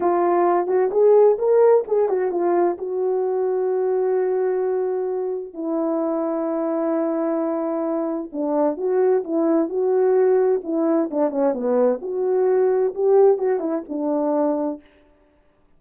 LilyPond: \new Staff \with { instrumentName = "horn" } { \time 4/4 \tempo 4 = 130 f'4. fis'8 gis'4 ais'4 | gis'8 fis'8 f'4 fis'2~ | fis'1 | e'1~ |
e'2 d'4 fis'4 | e'4 fis'2 e'4 | d'8 cis'8 b4 fis'2 | g'4 fis'8 e'8 d'2 | }